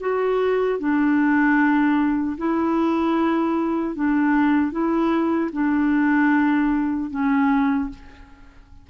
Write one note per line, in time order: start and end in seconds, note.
0.00 0.79 F#4
0.79 2.37 D4
2.38 3.95 E4
3.95 4.72 D4
4.72 5.50 E4
5.52 7.10 D4
7.11 7.89 C#4